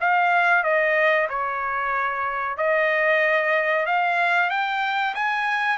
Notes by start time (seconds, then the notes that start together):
0.00 F5
0.63 D#5
1.29 C#5
2.57 D#5
3.85 F5
4.50 G5
5.14 G#5